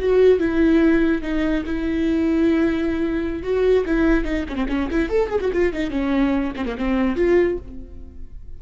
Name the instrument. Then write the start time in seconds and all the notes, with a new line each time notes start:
viola
0.00 F#4
0.39 E4
1.23 D#4
1.66 E4
3.43 F#4
3.86 E4
4.25 D#4
4.49 C#4
4.56 C4
4.69 C#4
4.91 E4
5.09 A4
5.29 G#4
5.41 F#4
5.53 F4
5.73 D#4
5.91 C#4
6.56 C4
6.66 A#3
6.78 C4
7.16 F4